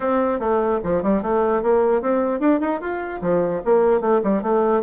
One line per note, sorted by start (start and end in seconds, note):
0.00 0.39 C4
0.39 0.79 A3
0.83 1.03 F3
1.03 1.22 G3
1.22 1.62 A3
1.62 2.01 A#3
2.01 2.40 C4
2.40 2.60 D4
2.60 2.80 D#4
2.80 3.20 F4
3.21 3.61 F3
3.64 4.00 A#3
4.00 4.21 A3
4.23 4.42 G3
4.42 4.82 A3